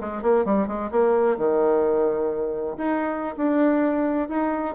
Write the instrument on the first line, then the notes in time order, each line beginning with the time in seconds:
bassoon
0.00 G#3
0.22 A#3
0.45 G3
0.67 G#3
0.91 A#3
1.37 D#3
2.77 D#4
3.37 D4
4.28 D#4